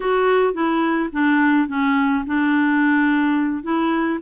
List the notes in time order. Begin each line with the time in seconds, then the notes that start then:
0.00 F#4
0.53 E4
1.12 D4
1.68 C#4
2.26 D4
3.63 E4